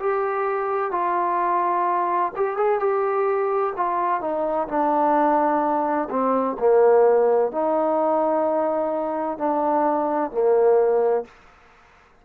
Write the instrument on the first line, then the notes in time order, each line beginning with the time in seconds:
trombone
0.00 G4
0.91 F4
2.36 G4
2.57 G#4
2.80 G4
3.77 F4
4.21 D#4
4.68 D4
6.10 C4
6.60 A#3
7.52 D#4
9.38 D4
10.31 A#3